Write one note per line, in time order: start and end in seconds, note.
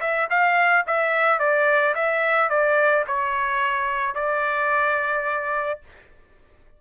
0.00 0.28 E5
0.30 0.85 F5
0.86 1.39 E5
1.39 1.94 D5
1.94 2.49 E5
2.49 3.04 D5
3.07 4.14 C#5
4.14 5.79 D5